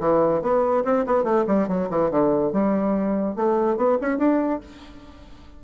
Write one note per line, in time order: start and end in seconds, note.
0.00 0.42 E3
0.42 0.84 B3
0.84 1.05 C4
1.06 1.24 B3
1.24 1.45 A3
1.47 1.68 G3
1.68 1.89 F#3
1.90 2.11 E3
2.11 2.53 D3
2.53 3.36 G3
3.36 3.77 A3
3.77 3.98 B3
4.02 4.18 C#4
4.18 4.60 D4